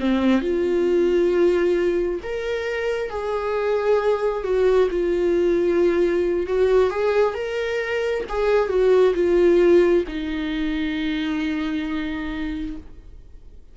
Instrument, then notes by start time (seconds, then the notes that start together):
viola
0.00 C4
0.42 F4
2.23 A#4
3.10 G#4
4.44 F#4
4.91 F4
6.47 F#4
6.90 G#4
7.34 A#4
8.29 G#4
8.69 F#4
9.15 F4
10.08 D#4